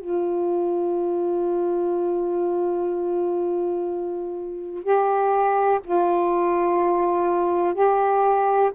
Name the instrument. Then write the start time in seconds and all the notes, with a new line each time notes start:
saxophone
0.00 F4
4.83 G4
5.84 F4
7.74 G4